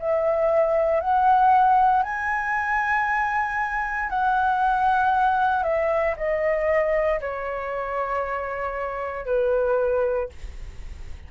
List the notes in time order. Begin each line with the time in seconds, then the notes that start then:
0.00 E5
1.01 F#5
2.03 G#5
4.10 F#5
5.63 E5
6.17 D#5
7.21 C#5
9.26 B4